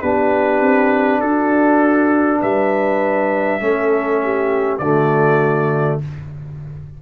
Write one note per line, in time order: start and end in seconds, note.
0.00 0.60 B3
0.00 3.60 D4
0.00 1.20 G4
0.00 1.20 B4
0.60 1.19 C4
1.19 2.39 D4
1.19 2.39 F#4
1.19 2.40 A4
2.39 3.60 G3
2.39 3.59 B4
2.39 4.78 E5
3.60 4.79 A3
3.60 4.80 C#4
3.60 4.22 A4
4.22 4.80 G4
4.78 5.99 D3
4.78 6.02 A3
4.78 6.00 F#4
4.78 5.98 D5